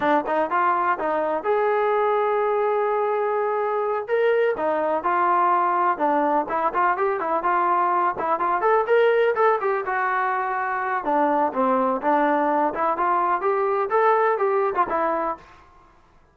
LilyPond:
\new Staff \with { instrumentName = "trombone" } { \time 4/4 \tempo 4 = 125 d'8 dis'8 f'4 dis'4 gis'4~ | gis'1~ | gis'8 ais'4 dis'4 f'4.~ | f'8 d'4 e'8 f'8 g'8 e'8 f'8~ |
f'4 e'8 f'8 a'8 ais'4 a'8 | g'8 fis'2~ fis'8 d'4 | c'4 d'4. e'8 f'4 | g'4 a'4 g'8. f'16 e'4 | }